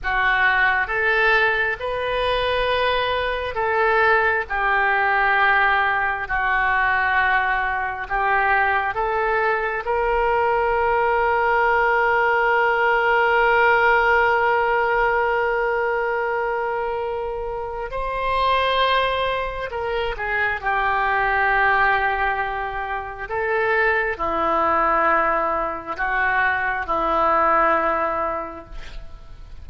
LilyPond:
\new Staff \with { instrumentName = "oboe" } { \time 4/4 \tempo 4 = 67 fis'4 a'4 b'2 | a'4 g'2 fis'4~ | fis'4 g'4 a'4 ais'4~ | ais'1~ |
ais'1 | c''2 ais'8 gis'8 g'4~ | g'2 a'4 e'4~ | e'4 fis'4 e'2 | }